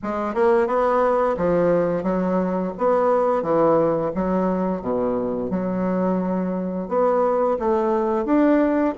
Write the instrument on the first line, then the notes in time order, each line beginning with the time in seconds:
bassoon
0.03 G#3
0.34 A#3
0.67 B3
1.37 F3
2.03 F#3
2.78 B3
3.42 E3
4.14 F#3
4.81 B2
5.50 F#3
6.88 B3
7.59 A3
8.25 D4